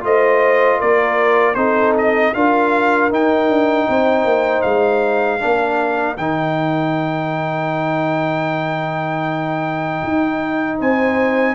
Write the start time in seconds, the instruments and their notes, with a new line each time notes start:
0.00 tuba A3, trombone F4, horn C5, trumpet D#5
0.79 tuba A#3, horn A#4, trumpet D5
1.54 tuba C4, trombone D#4, horn A4, trumpet C5
1.98 trumpet D#5
2.34 tuba D4, trombone F4, horn A#4, trumpet F5
3.11 trombone D#4, tuba D#4, trumpet G5
3.49 tuba D4
3.89 tuba C4, horn C5
4.25 tuba A#3
4.62 tuba G#3, trumpet F5
5.40 tuba A#3, trombone D4, horn A#4
6.17 tuba D#3, trombone D#4, trumpet G5
10.04 tuba D#4
10.79 tuba C4, horn C5, trumpet G#5